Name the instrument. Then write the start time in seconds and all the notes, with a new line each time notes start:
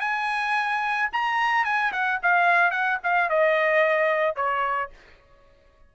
trumpet
0.00 G#5
1.12 A#5
1.64 G#5
1.92 F#5
2.23 F5
2.71 F#5
3.03 F5
3.29 D#5
4.36 C#5